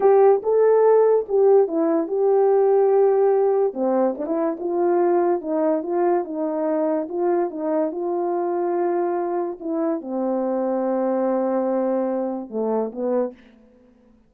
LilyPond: \new Staff \with { instrumentName = "horn" } { \time 4/4 \tempo 4 = 144 g'4 a'2 g'4 | e'4 g'2.~ | g'4 c'4 d'16 e'8. f'4~ | f'4 dis'4 f'4 dis'4~ |
dis'4 f'4 dis'4 f'4~ | f'2. e'4 | c'1~ | c'2 a4 b4 | }